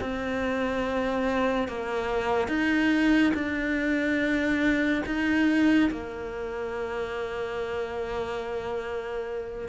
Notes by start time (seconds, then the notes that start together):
0.00 C4
1.68 A#3
2.48 D#4
3.33 D4
5.06 D#4
5.90 A#3